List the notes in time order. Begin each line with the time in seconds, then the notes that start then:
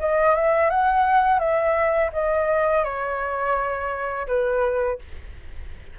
0.00 D#5
0.35 E5
0.70 F#5
1.39 E5
2.13 D#5
2.84 C#5
4.28 B4